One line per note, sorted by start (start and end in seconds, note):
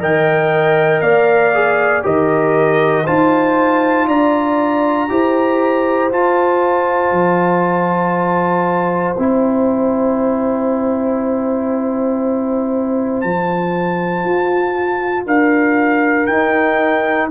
0.00 1.01 D#3
0.00 1.53 A#4
0.00 1.03 D#5
0.00 1.01 G5
1.01 2.03 A#3
1.01 2.05 D5
1.01 2.03 F5
1.54 2.03 G#4
2.03 3.07 D#3
2.03 3.04 G4
2.03 3.03 A#4
2.03 3.06 D#5
3.03 4.07 D#4
3.03 5.09 F4
3.03 4.05 C5
3.03 4.08 A5
4.07 5.09 D4
4.07 5.09 D5
4.07 6.12 A#5
5.09 6.12 E4
5.09 6.11 G4
5.09 15.26 C5
6.11 9.16 F4
6.11 7.11 F4
6.11 9.16 A5
7.11 9.15 F3
9.16 13.24 C4
9.16 13.25 E4
9.16 13.21 G5
13.21 14.25 F3
13.21 16.29 F4
13.21 15.24 A5
14.25 15.26 F4
15.26 16.28 D4
15.26 17.29 A#4
15.26 16.26 F5
16.26 17.30 D#4
16.26 17.31 D#4
16.26 17.28 G5